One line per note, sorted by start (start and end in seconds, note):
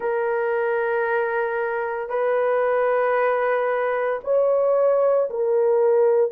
0.00 2.09 A#4
2.09 4.19 B4
4.23 5.29 C#5
5.30 6.31 A#4